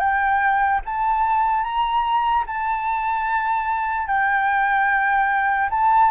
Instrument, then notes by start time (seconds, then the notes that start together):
flute
0.00 G5
0.86 A5
1.64 A#5
2.47 A5
4.07 G5
5.71 A5